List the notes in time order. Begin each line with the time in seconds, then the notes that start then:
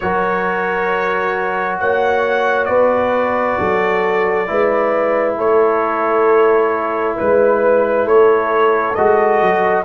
0.00 F#3 F#4 A#4 C#5
1.79 A#3 C#5 F#5
2.65 B3 B4 D5
3.59 F#3 A4
4.46 G#3 E4 B4
5.37 A3 A4 C#5
7.16 G#3 B4
8.04 A3 A4 C#5
8.94 G#3 F#4 D#5
9.41 F#3